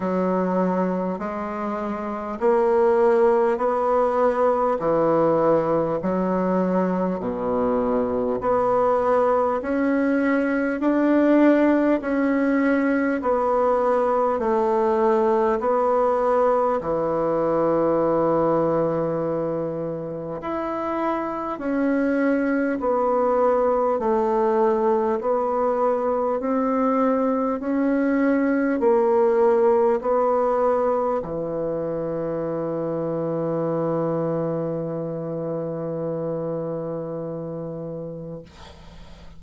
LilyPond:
\new Staff \with { instrumentName = "bassoon" } { \time 4/4 \tempo 4 = 50 fis4 gis4 ais4 b4 | e4 fis4 b,4 b4 | cis'4 d'4 cis'4 b4 | a4 b4 e2~ |
e4 e'4 cis'4 b4 | a4 b4 c'4 cis'4 | ais4 b4 e2~ | e1 | }